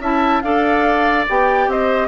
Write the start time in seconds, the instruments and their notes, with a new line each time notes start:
0.00 bassoon C#4, clarinet E4, oboe E5, flute A5
0.42 bassoon D4, clarinet A4, oboe D5, flute F5
1.29 bassoon B3, clarinet G4, flute G5
1.67 bassoon C4, oboe C5, flute D#5